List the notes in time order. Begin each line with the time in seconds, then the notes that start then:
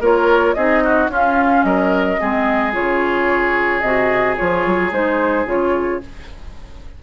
0.00 A#3 F4 A#4 C#5
0.54 C4 D#4 G#4 D#5
0.84 F#4
1.08 C#4 F4 F5
1.64 F#3 A#4 D#5
2.18 G#3 C4 G#4
2.73 C#3 F4 C#5
3.80 C3 F#4 D#5
4.36 F3 F4 C#5
4.66 F#3
4.91 G#3 D#4 C5
5.46 C#3 F4 C#5